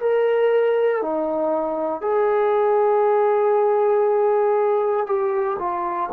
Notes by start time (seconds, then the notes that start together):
0.00 A#4
1.02 D#4
2.01 G#4
5.07 G4
5.59 F4